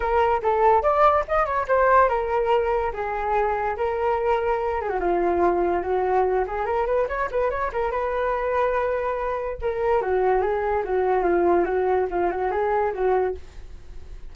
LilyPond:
\new Staff \with { instrumentName = "flute" } { \time 4/4 \tempo 4 = 144 ais'4 a'4 d''4 dis''8 cis''8 | c''4 ais'2 gis'4~ | gis'4 ais'2~ ais'8 gis'16 fis'16 | f'2 fis'4. gis'8 |
ais'8 b'8 cis''8 b'8 cis''8 ais'8 b'4~ | b'2. ais'4 | fis'4 gis'4 fis'4 f'4 | fis'4 f'8 fis'8 gis'4 fis'4 | }